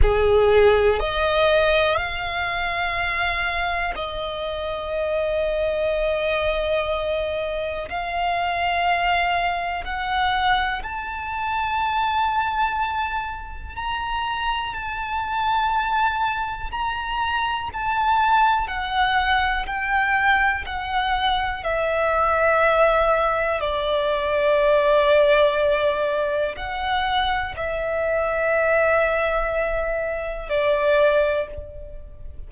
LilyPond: \new Staff \with { instrumentName = "violin" } { \time 4/4 \tempo 4 = 61 gis'4 dis''4 f''2 | dis''1 | f''2 fis''4 a''4~ | a''2 ais''4 a''4~ |
a''4 ais''4 a''4 fis''4 | g''4 fis''4 e''2 | d''2. fis''4 | e''2. d''4 | }